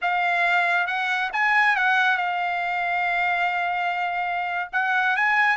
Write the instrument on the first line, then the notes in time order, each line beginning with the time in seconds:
trumpet
0.01 F5
0.86 F#5
1.32 G#5
1.75 F#5
2.17 F5
4.72 F#5
5.16 G#5